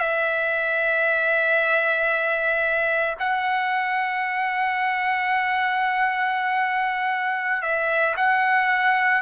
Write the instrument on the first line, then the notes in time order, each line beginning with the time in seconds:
trumpet
0.00 E5
3.20 F#5
7.62 E5
8.17 F#5